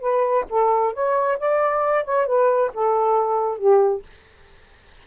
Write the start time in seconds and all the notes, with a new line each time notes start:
0.00 B4
0.49 A4
0.93 C#5
1.39 D5
2.04 C#5
2.26 B4
2.74 A4
3.58 G4